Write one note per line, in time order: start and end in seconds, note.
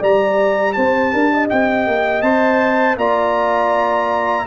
0.00 0.76 G3
0.00 2.24 G4
0.00 0.74 D5
0.00 0.73 A#5
0.73 1.14 C4
0.73 1.13 C5
0.73 1.47 A5
1.13 1.51 D4
1.13 1.31 A#4
1.34 2.99 D#5
1.50 1.87 C4
1.50 2.22 G5
1.87 2.22 A#3
2.22 2.96 C4
2.22 2.98 C5
2.22 2.96 A5
2.97 4.45 A#3
2.97 4.46 F4
2.97 4.46 D5
2.97 4.46 A#5